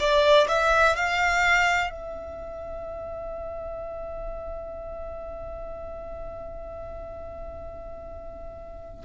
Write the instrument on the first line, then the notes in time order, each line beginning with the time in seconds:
violin
0.00 D5
0.48 E5
0.96 F5
1.90 E5